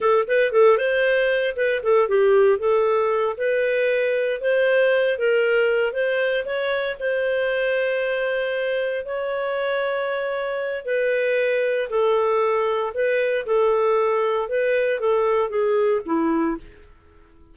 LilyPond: \new Staff \with { instrumentName = "clarinet" } { \time 4/4 \tempo 4 = 116 a'8 b'8 a'8 c''4. b'8 a'8 | g'4 a'4. b'4.~ | b'8 c''4. ais'4. c''8~ | c''8 cis''4 c''2~ c''8~ |
c''4. cis''2~ cis''8~ | cis''4 b'2 a'4~ | a'4 b'4 a'2 | b'4 a'4 gis'4 e'4 | }